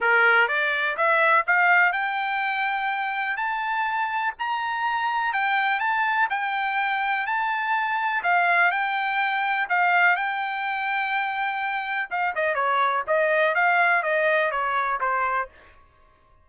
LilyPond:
\new Staff \with { instrumentName = "trumpet" } { \time 4/4 \tempo 4 = 124 ais'4 d''4 e''4 f''4 | g''2. a''4~ | a''4 ais''2 g''4 | a''4 g''2 a''4~ |
a''4 f''4 g''2 | f''4 g''2.~ | g''4 f''8 dis''8 cis''4 dis''4 | f''4 dis''4 cis''4 c''4 | }